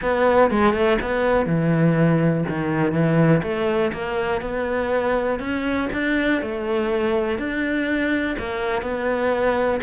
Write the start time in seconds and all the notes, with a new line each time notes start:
0.01 B3
0.51 G#3
0.73 A3
1.01 B3
1.46 E3
2.48 D#3
2.92 E3
3.42 A3
3.92 A#3
4.41 B3
5.39 C#4
5.92 D4
6.41 A3
7.38 D4
8.38 A#3
8.82 B3